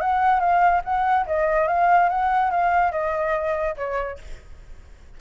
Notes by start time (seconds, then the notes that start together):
0.00 F#5
0.40 F5
0.84 F#5
1.26 D#5
1.67 F5
2.09 F#5
2.51 F5
2.91 D#5
3.76 C#5